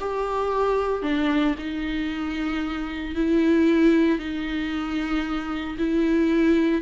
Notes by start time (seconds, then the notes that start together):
0.00 G4
1.02 D4
1.58 D#4
3.15 E4
4.19 D#4
5.78 E4